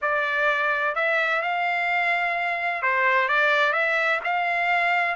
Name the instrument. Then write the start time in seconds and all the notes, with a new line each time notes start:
trumpet
0.01 D5
0.95 E5
1.42 F5
2.82 C5
3.28 D5
3.73 E5
4.24 F5